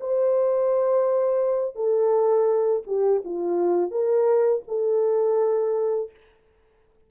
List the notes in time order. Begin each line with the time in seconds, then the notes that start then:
0.00 C5
1.75 A4
2.86 G4
3.24 F4
3.91 A#4
4.68 A4